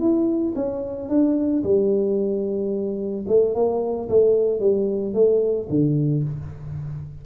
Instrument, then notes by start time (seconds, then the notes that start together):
tuba
0.00 E4
0.56 C#4
1.09 D4
1.64 G3
3.28 A3
3.55 A#3
4.09 A3
4.60 G3
5.14 A3
5.70 D3